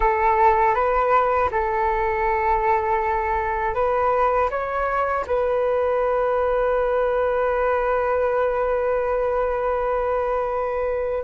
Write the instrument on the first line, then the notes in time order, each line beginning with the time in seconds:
flute
0.00 A4
0.74 B4
1.51 A4
3.74 B4
4.50 C#5
5.27 B4